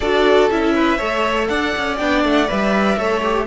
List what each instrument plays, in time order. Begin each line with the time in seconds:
0.00 cello D4, viola F#4, violin A4 D5
0.50 cello C#4, viola E4, violin E5
0.74 violin B4
0.97 cello A3, viola A4, violin C#5
1.47 cello D4, violin D5 F#5
1.77 cello C#4
1.97 cello B3, viola D4, violin G5
2.24 cello A3, violin F#5
2.47 cello G3, viola B4, violin E5
2.97 cello A3, viola A4, violin C#5
3.23 viola G4